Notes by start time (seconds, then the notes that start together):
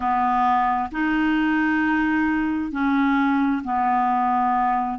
0.00 B3
0.91 D#4
2.71 C#4
3.64 B3